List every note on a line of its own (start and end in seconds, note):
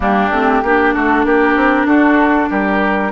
0.00 0.30 G3
0.00 0.28 A#3
0.00 0.63 D4
0.00 0.93 G4
0.30 0.61 A3
0.30 0.64 C4
0.62 0.94 A#3
0.62 3.12 D4
0.62 0.94 G4
0.93 1.24 A3
0.93 1.25 F#4
0.93 1.25 A4
1.24 1.55 A#3
1.24 1.87 G4
1.24 1.86 A#4
1.56 1.85 C4
1.85 2.48 D4
1.85 2.49 F#4
1.85 2.49 A4
2.49 3.12 G3
2.49 3.12 G4
2.49 3.12 A#4